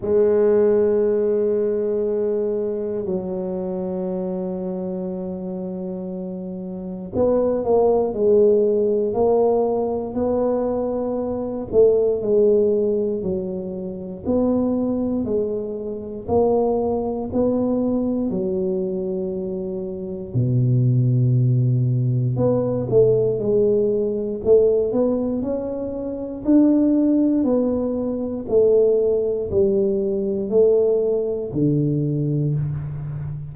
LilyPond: \new Staff \with { instrumentName = "tuba" } { \time 4/4 \tempo 4 = 59 gis2. fis4~ | fis2. b8 ais8 | gis4 ais4 b4. a8 | gis4 fis4 b4 gis4 |
ais4 b4 fis2 | b,2 b8 a8 gis4 | a8 b8 cis'4 d'4 b4 | a4 g4 a4 d4 | }